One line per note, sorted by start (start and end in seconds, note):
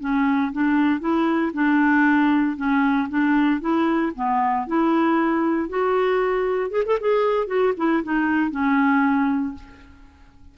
0.00 0.52 C#4
0.52 1.00 D4
1.00 1.52 E4
1.53 2.57 D4
2.57 3.08 C#4
3.09 3.60 D4
3.60 4.12 E4
4.15 4.67 B3
4.67 5.69 E4
5.69 6.71 F#4
6.71 6.83 G#4
6.86 6.99 A4
7.00 7.47 G#4
7.47 7.73 F#4
7.77 8.03 E4
8.03 8.51 D#4
8.51 9.55 C#4